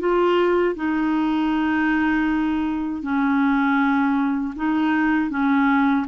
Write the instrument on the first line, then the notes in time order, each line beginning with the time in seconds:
clarinet
0.00 F4
0.76 D#4
3.03 C#4
4.56 D#4
5.30 C#4